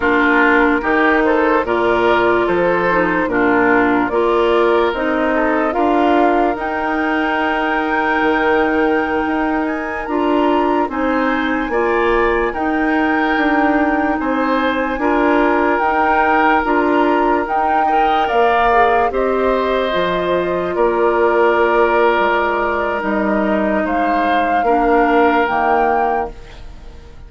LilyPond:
<<
  \new Staff \with { instrumentName = "flute" } { \time 4/4 \tempo 4 = 73 ais'4. c''8 d''4 c''4 | ais'4 d''4 dis''4 f''4 | g''2.~ g''8. gis''16~ | gis''16 ais''4 gis''2 g''8.~ |
g''4~ g''16 gis''2 g''8.~ | g''16 ais''4 g''4 f''4 dis''8.~ | dis''4~ dis''16 d''2~ d''8. | dis''4 f''2 g''4 | }
  \new Staff \with { instrumentName = "oboe" } { \time 4/4 f'4 g'8 a'8 ais'4 a'4 | f'4 ais'4. a'8 ais'4~ | ais'1~ | ais'4~ ais'16 c''4 d''4 ais'8.~ |
ais'4~ ais'16 c''4 ais'4.~ ais'16~ | ais'4.~ ais'16 dis''8 d''4 c''8.~ | c''4~ c''16 ais'2~ ais'8.~ | ais'4 c''4 ais'2 | }
  \new Staff \with { instrumentName = "clarinet" } { \time 4/4 d'4 dis'4 f'4. dis'8 | d'4 f'4 dis'4 f'4 | dis'1~ | dis'16 f'4 dis'4 f'4 dis'8.~ |
dis'2~ dis'16 f'4 dis'8.~ | dis'16 f'4 dis'8 ais'4 gis'8 g'8.~ | g'16 f'2.~ f'8. | dis'2 d'4 ais4 | }
  \new Staff \with { instrumentName = "bassoon" } { \time 4/4 ais4 dis4 ais,4 f4 | ais,4 ais4 c'4 d'4 | dis'2 dis4~ dis16 dis'8.~ | dis'16 d'4 c'4 ais4 dis'8.~ |
dis'16 d'4 c'4 d'4 dis'8.~ | dis'16 d'4 dis'4 ais4 c'8.~ | c'16 f4 ais4.~ ais16 gis4 | g4 gis4 ais4 dis4 | }
>>